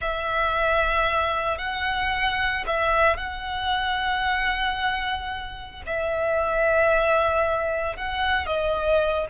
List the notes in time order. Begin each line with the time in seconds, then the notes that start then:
0.01 E5
1.58 F#5
2.66 E5
3.16 F#5
5.86 E5
7.96 F#5
8.46 D#5